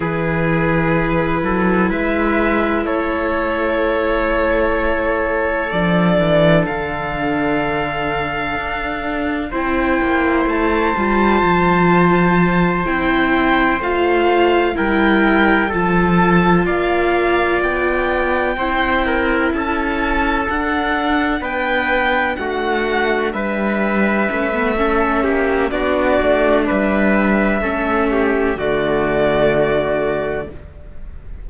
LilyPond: <<
  \new Staff \with { instrumentName = "violin" } { \time 4/4 \tempo 4 = 63 b'2 e''4 cis''4~ | cis''2 d''4 f''4~ | f''2 g''4 a''4~ | a''4. g''4 f''4 g''8~ |
g''8 a''4 f''4 g''4.~ | g''8 a''4 fis''4 g''4 fis''8~ | fis''8 e''2~ e''8 d''4 | e''2 d''2 | }
  \new Staff \with { instrumentName = "trumpet" } { \time 4/4 gis'4. a'8 b'4 a'4~ | a'1~ | a'2 c''2~ | c''2.~ c''8 ais'8~ |
ais'8 a'4 d''2 c''8 | ais'8 a'2 b'4 fis'8~ | fis'8 b'4. a'8 g'8 fis'4 | b'4 a'8 g'8 fis'2 | }
  \new Staff \with { instrumentName = "viola" } { \time 4/4 e'1~ | e'2 d'2~ | d'2 e'4. f'8~ | f'4. e'4 f'4 e'8~ |
e'8 f'2. e'8~ | e'4. d'2~ d'8~ | d'4. cis'16 b16 cis'4 d'4~ | d'4 cis'4 a2 | }
  \new Staff \with { instrumentName = "cello" } { \time 4/4 e4. fis8 gis4 a4~ | a2 f8 e8 d4~ | d4 d'4 c'8 ais8 a8 g8 | f4. c'4 a4 g8~ |
g8 f4 ais4 b4 c'8~ | c'8 cis'4 d'4 b4 a8~ | a8 g4 a4 ais8 b8 a8 | g4 a4 d2 | }
>>